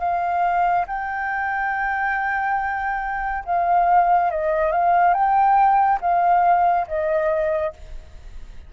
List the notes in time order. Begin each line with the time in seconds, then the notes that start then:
0.00 F5
0.87 G5
3.46 F5
4.31 D#5
4.72 F5
5.14 G5
6.01 F5
6.88 D#5